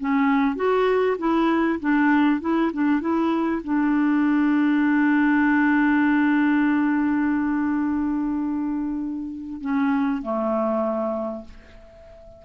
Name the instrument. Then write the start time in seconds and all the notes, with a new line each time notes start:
clarinet
0.00 C#4
0.56 F#4
1.18 E4
1.80 D4
2.41 E4
2.73 D4
3.01 E4
3.64 D4
9.61 C#4
10.22 A3